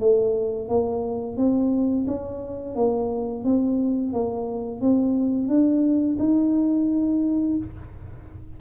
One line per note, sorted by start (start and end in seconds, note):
0.00 0.69 A3
0.69 1.37 A#3
1.37 2.06 C4
2.08 2.76 C#4
2.76 3.44 A#3
3.44 4.13 C4
4.13 4.81 A#3
4.81 5.48 C4
5.48 6.17 D4
6.19 7.57 D#4